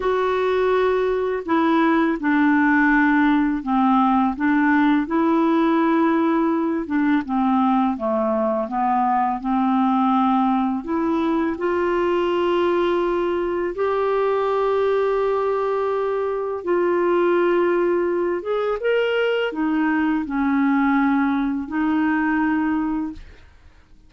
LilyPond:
\new Staff \with { instrumentName = "clarinet" } { \time 4/4 \tempo 4 = 83 fis'2 e'4 d'4~ | d'4 c'4 d'4 e'4~ | e'4. d'8 c'4 a4 | b4 c'2 e'4 |
f'2. g'4~ | g'2. f'4~ | f'4. gis'8 ais'4 dis'4 | cis'2 dis'2 | }